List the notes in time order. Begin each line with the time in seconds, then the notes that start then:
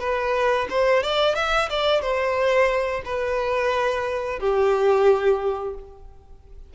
0.00 B4
0.70 C5
1.03 D5
1.35 E5
1.70 D5
2.01 C5
3.05 B4
4.40 G4